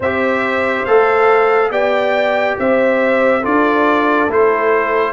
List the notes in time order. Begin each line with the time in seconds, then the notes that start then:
0.00 C4 G4 C5 E5
0.85 A3 A4 F5
1.70 B3 G4 D5 G5
2.58 C4 C5 E5
3.40 D4 F4 A4 D5
4.27 A3 E4 C5